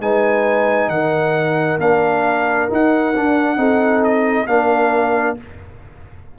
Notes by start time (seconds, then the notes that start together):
0.00 G#3 D#4 B4 G#5
0.89 D#3 A#4 F#5
1.79 A#3 D4 F5
2.70 D#4 F#5
3.16 D4
3.57 C4 D#4 A4
4.05 D#5
4.47 A#3 D4 A#4 F5